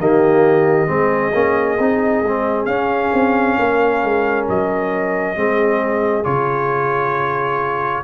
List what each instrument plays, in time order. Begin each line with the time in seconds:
0.00 tuba D#3, trombone A#3, horn G4, trumpet D#5
0.87 tuba G#3, trombone C4, horn G#4
1.33 tuba A#3, trombone C#4
1.79 tuba C4, trombone D#4
2.23 tuba G#3, trombone C4
2.66 tuba C#4, trombone C#4, trumpet F5
3.14 tuba C4
3.59 tuba A#3, horn A#4
4.04 tuba G#3
4.49 tuba F#3, trumpet D#5
5.36 tuba G#3, trombone C4, horn G#4
6.24 tuba C#3, trombone F4, trumpet C#5